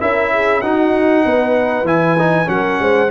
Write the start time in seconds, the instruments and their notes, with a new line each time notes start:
0.00 tuba C#4, trombone E4, horn A#4, trumpet E5
0.32 horn G#4
0.61 tuba D#4, trombone D#4, horn F#4, trumpet F#5
1.26 tuba B3, horn B4
1.83 tuba E3, trombone E4, trumpet G#5
2.19 trombone D#4
2.46 tuba F#3, trombone C#4, trumpet F#5
2.52 horn A#4
2.79 tuba G#3, horn C5